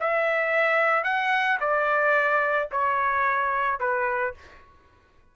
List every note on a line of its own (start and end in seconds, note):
0.00 1.04 E5
1.04 1.58 F#5
1.60 2.69 D5
2.71 3.80 C#5
3.80 4.34 B4